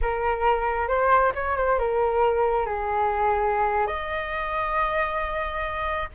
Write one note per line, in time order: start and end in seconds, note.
0.01 0.88 A#4
0.88 1.32 C5
1.34 1.57 C#5
1.57 1.79 C5
1.79 2.65 A#4
2.65 3.86 G#4
3.86 6.09 D#5